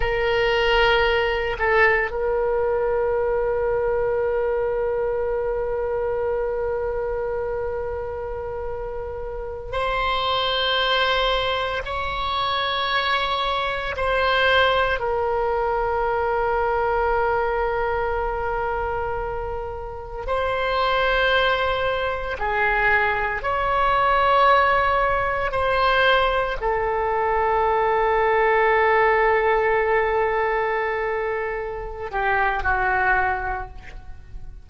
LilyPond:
\new Staff \with { instrumentName = "oboe" } { \time 4/4 \tempo 4 = 57 ais'4. a'8 ais'2~ | ais'1~ | ais'4~ ais'16 c''2 cis''8.~ | cis''4~ cis''16 c''4 ais'4.~ ais'16~ |
ais'2.~ ais'16 c''8.~ | c''4~ c''16 gis'4 cis''4.~ cis''16~ | cis''16 c''4 a'2~ a'8.~ | a'2~ a'8 g'8 fis'4 | }